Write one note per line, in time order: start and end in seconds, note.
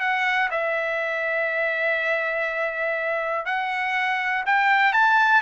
0.00 0.49 F#5
0.51 3.46 E5
3.46 4.44 F#5
4.46 4.93 G5
4.93 5.42 A5